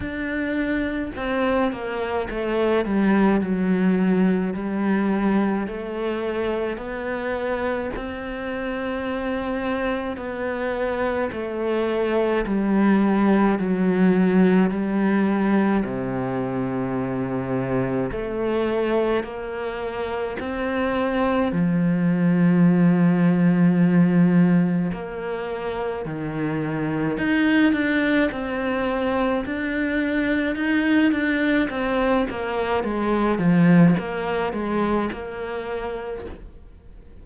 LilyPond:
\new Staff \with { instrumentName = "cello" } { \time 4/4 \tempo 4 = 53 d'4 c'8 ais8 a8 g8 fis4 | g4 a4 b4 c'4~ | c'4 b4 a4 g4 | fis4 g4 c2 |
a4 ais4 c'4 f4~ | f2 ais4 dis4 | dis'8 d'8 c'4 d'4 dis'8 d'8 | c'8 ais8 gis8 f8 ais8 gis8 ais4 | }